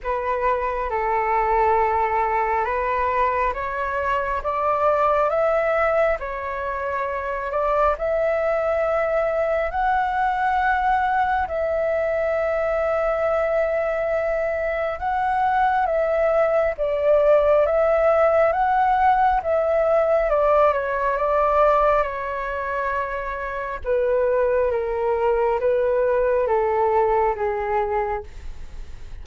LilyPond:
\new Staff \with { instrumentName = "flute" } { \time 4/4 \tempo 4 = 68 b'4 a'2 b'4 | cis''4 d''4 e''4 cis''4~ | cis''8 d''8 e''2 fis''4~ | fis''4 e''2.~ |
e''4 fis''4 e''4 d''4 | e''4 fis''4 e''4 d''8 cis''8 | d''4 cis''2 b'4 | ais'4 b'4 a'4 gis'4 | }